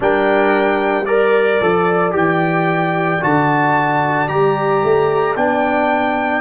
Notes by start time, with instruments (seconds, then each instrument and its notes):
0.00 tuba G3, trombone D4, horn A#4, trumpet G5
1.05 trombone A#4, trumpet D5, horn D5
1.61 tuba F3, trombone A4
2.11 tuba E3, trombone G4, trumpet G5
3.21 tuba D3, trombone F#4, trumpet A5
4.28 tuba G3, trombone G4, trumpet A#5
4.83 tuba A3
5.36 tuba B3, trombone D4, trumpet G5